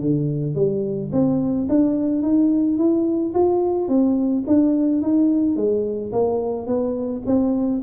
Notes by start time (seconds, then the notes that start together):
0.00 D3
0.55 G3
1.12 C4
1.69 D4
2.22 D#4
2.78 E4
3.34 F4
3.88 C4
4.47 D4
5.02 D#4
5.56 G#3
6.12 A#3
6.67 B3
7.26 C4